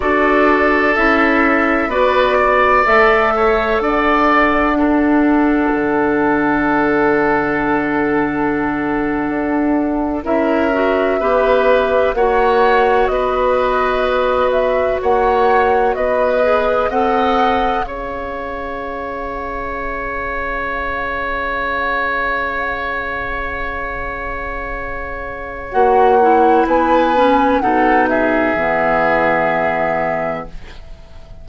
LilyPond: <<
  \new Staff \with { instrumentName = "flute" } { \time 4/4 \tempo 4 = 63 d''4 e''4 d''4 e''4 | fis''1~ | fis''2~ fis''8. e''4~ e''16~ | e''8. fis''4 dis''4. e''8 fis''16~ |
fis''8. dis''4 fis''4 f''4~ f''16~ | f''1~ | f''2. fis''4 | gis''4 fis''8 e''2~ e''8 | }
  \new Staff \with { instrumentName = "oboe" } { \time 4/4 a'2 b'8 d''4 cis''8 | d''4 a'2.~ | a'2~ a'8. ais'4 b'16~ | b'8. cis''4 b'2 cis''16~ |
cis''8. b'4 dis''4 cis''4~ cis''16~ | cis''1~ | cis''1 | b'4 a'8 gis'2~ gis'8 | }
  \new Staff \with { instrumentName = "clarinet" } { \time 4/4 fis'4 e'4 fis'4 a'4~ | a'4 d'2.~ | d'2~ d'8. e'8 fis'8 g'16~ | g'8. fis'2.~ fis'16~ |
fis'4~ fis'16 gis'8 a'4 gis'4~ gis'16~ | gis'1~ | gis'2. fis'8 e'8~ | e'8 cis'8 dis'4 b2 | }
  \new Staff \with { instrumentName = "bassoon" } { \time 4/4 d'4 cis'4 b4 a4 | d'2 d2~ | d4.~ d16 d'4 cis'4 b16~ | b8. ais4 b2 ais16~ |
ais8. b4 c'4 cis'4~ cis'16~ | cis'1~ | cis'2. ais4 | b4 b,4 e2 | }
>>